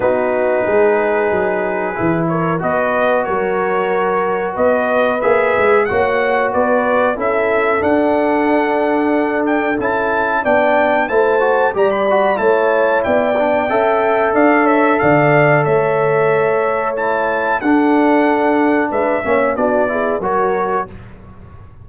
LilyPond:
<<
  \new Staff \with { instrumentName = "trumpet" } { \time 4/4 \tempo 4 = 92 b'2.~ b'8 cis''8 | dis''4 cis''2 dis''4 | e''4 fis''4 d''4 e''4 | fis''2~ fis''8 g''8 a''4 |
g''4 a''4 ais''16 b''8. a''4 | g''2 f''8 e''8 f''4 | e''2 a''4 fis''4~ | fis''4 e''4 d''4 cis''4 | }
  \new Staff \with { instrumentName = "horn" } { \time 4/4 fis'4 gis'2~ gis'8 ais'8 | b'4 ais'2 b'4~ | b'4 cis''4 b'4 a'4~ | a'1 |
d''4 c''4 d''4 cis''4 | d''4 e''4 d''8 cis''8 d''4 | cis''2. a'4~ | a'4 b'8 cis''8 fis'8 gis'8 ais'4 | }
  \new Staff \with { instrumentName = "trombone" } { \time 4/4 dis'2. e'4 | fis'1 | gis'4 fis'2 e'4 | d'2. e'4 |
d'4 e'8 fis'8 g'8 fis'8 e'4~ | e'8 d'8 a'2.~ | a'2 e'4 d'4~ | d'4. cis'8 d'8 e'8 fis'4 | }
  \new Staff \with { instrumentName = "tuba" } { \time 4/4 b4 gis4 fis4 e4 | b4 fis2 b4 | ais8 gis8 ais4 b4 cis'4 | d'2. cis'4 |
b4 a4 g4 a4 | b4 cis'4 d'4 d4 | a2. d'4~ | d'4 gis8 ais8 b4 fis4 | }
>>